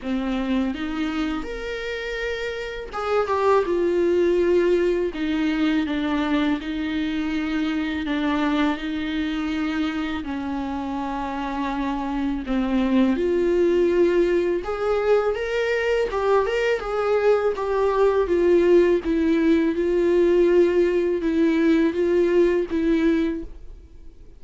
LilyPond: \new Staff \with { instrumentName = "viola" } { \time 4/4 \tempo 4 = 82 c'4 dis'4 ais'2 | gis'8 g'8 f'2 dis'4 | d'4 dis'2 d'4 | dis'2 cis'2~ |
cis'4 c'4 f'2 | gis'4 ais'4 g'8 ais'8 gis'4 | g'4 f'4 e'4 f'4~ | f'4 e'4 f'4 e'4 | }